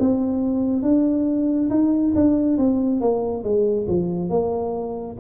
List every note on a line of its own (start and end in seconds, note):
0.00 0.83 C4
0.83 1.70 D4
1.70 2.14 D#4
2.15 2.58 D4
2.58 3.01 C4
3.01 3.44 A#3
3.44 3.87 G#3
3.88 4.30 F3
4.30 5.17 A#3